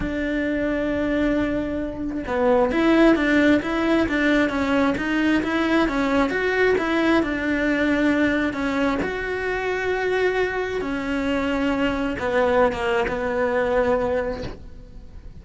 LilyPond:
\new Staff \with { instrumentName = "cello" } { \time 4/4 \tempo 4 = 133 d'1~ | d'4 b4 e'4 d'4 | e'4 d'4 cis'4 dis'4 | e'4 cis'4 fis'4 e'4 |
d'2. cis'4 | fis'1 | cis'2. b4~ | b16 ais8. b2. | }